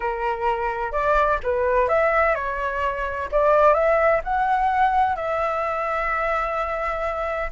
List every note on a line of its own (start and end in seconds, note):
0.00 0.92 A#4
0.92 1.38 D5
1.43 1.88 B4
1.88 2.35 E5
2.35 3.28 C#5
3.31 3.74 D5
3.74 4.20 E5
4.24 5.16 F#5
5.16 7.50 E5